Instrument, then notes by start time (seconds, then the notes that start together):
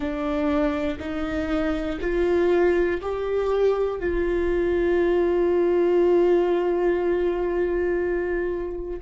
viola
0.00 D4
0.99 D#4
2.00 F4
3.01 G4
4.00 F4